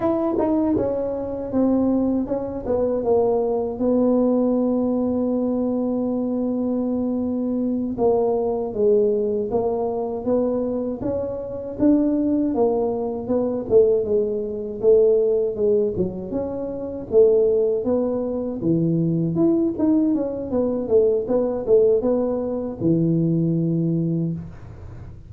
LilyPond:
\new Staff \with { instrumentName = "tuba" } { \time 4/4 \tempo 4 = 79 e'8 dis'8 cis'4 c'4 cis'8 b8 | ais4 b2.~ | b2~ b8 ais4 gis8~ | gis8 ais4 b4 cis'4 d'8~ |
d'8 ais4 b8 a8 gis4 a8~ | a8 gis8 fis8 cis'4 a4 b8~ | b8 e4 e'8 dis'8 cis'8 b8 a8 | b8 a8 b4 e2 | }